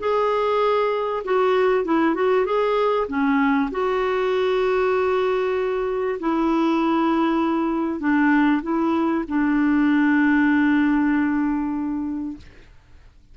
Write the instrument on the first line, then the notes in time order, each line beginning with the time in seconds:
clarinet
0.00 G#4
1.25 F#4
1.85 E4
2.15 F#4
2.46 G#4
3.08 C#4
3.72 F#4
6.20 E4
8.00 D4
8.63 E4
9.29 D4